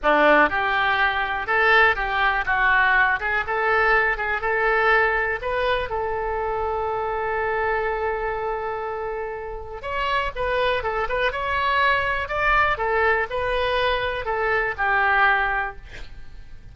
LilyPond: \new Staff \with { instrumentName = "oboe" } { \time 4/4 \tempo 4 = 122 d'4 g'2 a'4 | g'4 fis'4. gis'8 a'4~ | a'8 gis'8 a'2 b'4 | a'1~ |
a'1 | cis''4 b'4 a'8 b'8 cis''4~ | cis''4 d''4 a'4 b'4~ | b'4 a'4 g'2 | }